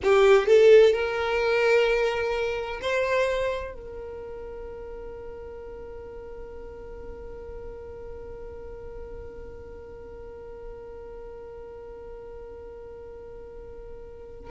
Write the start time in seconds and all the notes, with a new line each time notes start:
0.03 G4
0.46 A4
0.92 A#4
2.81 C5
3.73 A#4